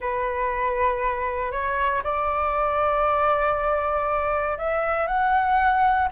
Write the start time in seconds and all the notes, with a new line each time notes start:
0.00 B4
1.51 C#5
2.03 D5
4.58 E5
5.07 F#5